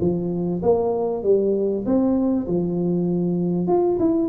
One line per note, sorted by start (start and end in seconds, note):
0.00 0.61 F3
0.62 1.23 A#3
1.23 1.84 G3
1.85 2.47 C4
2.47 3.67 F3
3.67 3.98 F4
3.99 4.28 E4